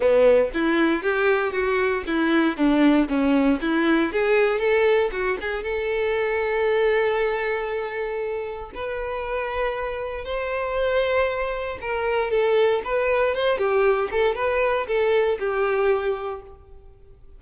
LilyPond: \new Staff \with { instrumentName = "violin" } { \time 4/4 \tempo 4 = 117 b4 e'4 g'4 fis'4 | e'4 d'4 cis'4 e'4 | gis'4 a'4 fis'8 gis'8 a'4~ | a'1~ |
a'4 b'2. | c''2. ais'4 | a'4 b'4 c''8 g'4 a'8 | b'4 a'4 g'2 | }